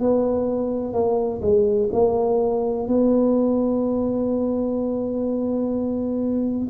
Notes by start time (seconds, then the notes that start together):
0.00 B3
0.94 A#3
1.42 G#3
1.93 A#3
2.88 B3